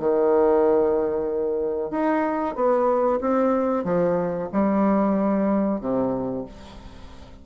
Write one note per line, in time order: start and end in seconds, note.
0.00 1.91 D#3
1.91 2.56 D#4
2.56 3.20 B3
3.21 3.85 C4
3.85 4.49 F3
4.53 5.81 G3
5.81 6.45 C3